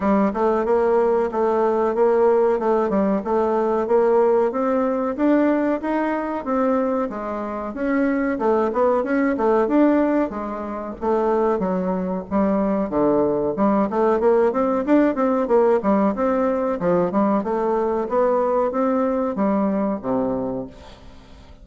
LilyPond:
\new Staff \with { instrumentName = "bassoon" } { \time 4/4 \tempo 4 = 93 g8 a8 ais4 a4 ais4 | a8 g8 a4 ais4 c'4 | d'4 dis'4 c'4 gis4 | cis'4 a8 b8 cis'8 a8 d'4 |
gis4 a4 fis4 g4 | d4 g8 a8 ais8 c'8 d'8 c'8 | ais8 g8 c'4 f8 g8 a4 | b4 c'4 g4 c4 | }